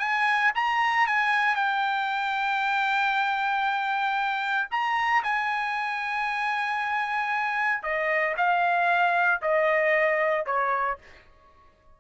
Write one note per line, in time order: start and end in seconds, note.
0.00 0.52 G#5
0.55 1.07 A#5
1.07 1.56 G#5
1.56 4.69 G5
4.71 5.23 A#5
5.24 7.83 G#5
7.83 8.35 D#5
8.37 9.42 F5
9.42 10.46 D#5
10.46 10.98 C#5